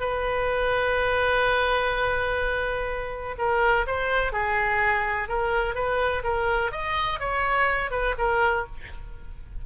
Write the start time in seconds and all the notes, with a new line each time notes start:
0.00 B4
3.38 A#4
3.86 C5
4.32 G#4
5.28 A#4
5.74 B4
6.24 A#4
6.71 D#5
7.19 C#5
7.91 B4
8.18 A#4